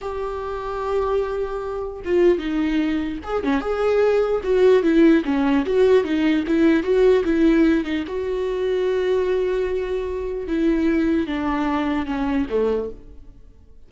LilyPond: \new Staff \with { instrumentName = "viola" } { \time 4/4 \tempo 4 = 149 g'1~ | g'4 f'4 dis'2 | gis'8 cis'8 gis'2 fis'4 | e'4 cis'4 fis'4 dis'4 |
e'4 fis'4 e'4. dis'8 | fis'1~ | fis'2 e'2 | d'2 cis'4 a4 | }